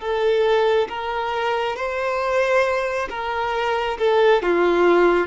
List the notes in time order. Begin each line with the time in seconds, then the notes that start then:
0.00 A4
0.89 A#4
1.76 C5
3.10 A#4
3.98 A4
4.42 F4